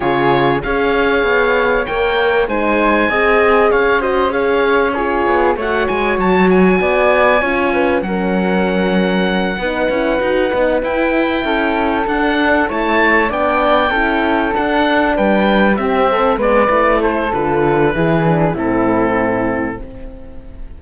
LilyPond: <<
  \new Staff \with { instrumentName = "oboe" } { \time 4/4 \tempo 4 = 97 cis''4 f''2 g''4 | gis''2 f''8 dis''8 f''4 | cis''4 fis''8 gis''8 a''8 gis''4.~ | gis''4 fis''2.~ |
fis''4. g''2 fis''8~ | fis''8 a''4 g''2 fis''8~ | fis''8 g''4 e''4 d''4 c''8 | b'2 a'2 | }
  \new Staff \with { instrumentName = "flute" } { \time 4/4 gis'4 cis''2. | c''4 dis''4 cis''8 c''8 cis''4 | gis'4 cis''2 d''4 | cis''8 b'8 ais'2~ ais'8 b'8~ |
b'2~ b'8 a'4.~ | a'8 cis''4 d''4 a'4.~ | a'8 b'4 g'8 a'8 b'4 a'8~ | a'4 gis'4 e'2 | }
  \new Staff \with { instrumentName = "horn" } { \time 4/4 f'4 gis'2 ais'4 | dis'4 gis'4. fis'8 gis'4 | f'4 fis'2. | f'4 cis'2~ cis'8 dis'8 |
e'8 fis'8 dis'8 e'2 d'8~ | d'8 e'4 d'4 e'4 d'8~ | d'4. c'4 b8 e'4 | f'4 e'8 d'8 c'2 | }
  \new Staff \with { instrumentName = "cello" } { \time 4/4 cis4 cis'4 b4 ais4 | gis4 c'4 cis'2~ | cis'8 b8 a8 gis8 fis4 b4 | cis'4 fis2~ fis8 b8 |
cis'8 dis'8 b8 e'4 cis'4 d'8~ | d'8 a4 b4 cis'4 d'8~ | d'8 g4 c'4 gis8 a4 | d4 e4 a,2 | }
>>